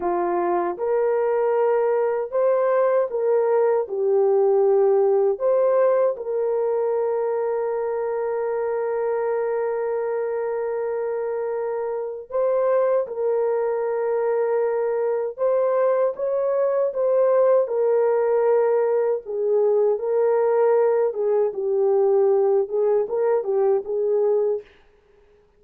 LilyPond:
\new Staff \with { instrumentName = "horn" } { \time 4/4 \tempo 4 = 78 f'4 ais'2 c''4 | ais'4 g'2 c''4 | ais'1~ | ais'1 |
c''4 ais'2. | c''4 cis''4 c''4 ais'4~ | ais'4 gis'4 ais'4. gis'8 | g'4. gis'8 ais'8 g'8 gis'4 | }